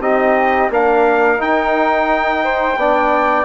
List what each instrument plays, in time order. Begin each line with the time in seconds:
0.00 bassoon C4, trombone D#4, flute G4, trumpet D#5
0.70 bassoon A#3, trombone D4, flute A#4, trumpet F5
1.38 trombone D#4, bassoon D#4, trumpet G5
2.44 flute C5
2.76 bassoon B3, trombone D4, flute D5